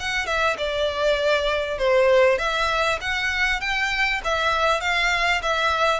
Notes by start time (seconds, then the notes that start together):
0.00 F#5
0.26 E5
0.58 D5
1.79 C5
2.38 E5
3.01 F#5
3.61 G5
4.24 E5
4.81 F5
5.42 E5